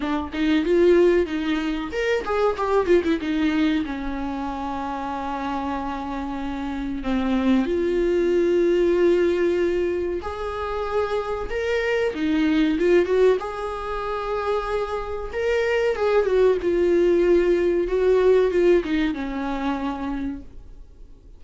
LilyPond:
\new Staff \with { instrumentName = "viola" } { \time 4/4 \tempo 4 = 94 d'8 dis'8 f'4 dis'4 ais'8 gis'8 | g'8 f'16 e'16 dis'4 cis'2~ | cis'2. c'4 | f'1 |
gis'2 ais'4 dis'4 | f'8 fis'8 gis'2. | ais'4 gis'8 fis'8 f'2 | fis'4 f'8 dis'8 cis'2 | }